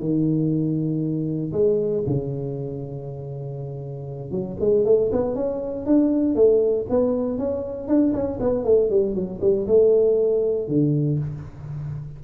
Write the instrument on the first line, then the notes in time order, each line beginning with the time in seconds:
tuba
0.00 D#3
1.53 G#3
2.07 C#3
4.32 F#3
4.60 G#3
4.86 A3
5.12 B3
5.36 C#4
5.87 D4
6.36 A3
6.90 B3
7.39 C#4
7.88 D4
8.14 C#4
8.41 B3
8.65 A3
8.91 G3
9.15 F#3
9.42 G3
9.68 A3
10.69 D3